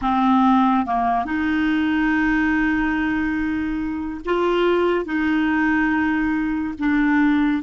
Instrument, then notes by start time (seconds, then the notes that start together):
clarinet
0.01 C4
0.86 A#3
1.25 D#4
4.25 F4
5.05 D#4
6.78 D4